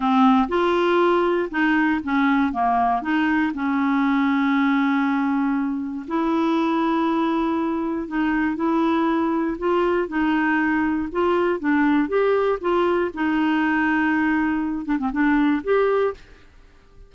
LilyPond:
\new Staff \with { instrumentName = "clarinet" } { \time 4/4 \tempo 4 = 119 c'4 f'2 dis'4 | cis'4 ais4 dis'4 cis'4~ | cis'1 | e'1 |
dis'4 e'2 f'4 | dis'2 f'4 d'4 | g'4 f'4 dis'2~ | dis'4. d'16 c'16 d'4 g'4 | }